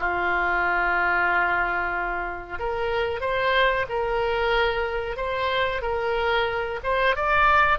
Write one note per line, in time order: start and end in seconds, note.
0.00 2.59 F4
2.59 3.21 A#4
3.21 3.86 C5
3.90 5.17 A#4
5.17 5.82 C5
5.82 6.80 A#4
6.84 7.16 C5
7.16 7.79 D5